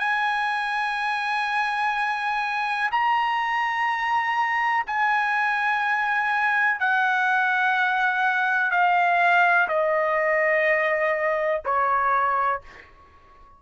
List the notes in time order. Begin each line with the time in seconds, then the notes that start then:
0.00 G#5
2.92 A#5
4.87 G#5
6.80 F#5
8.71 F5
9.69 D#5
11.65 C#5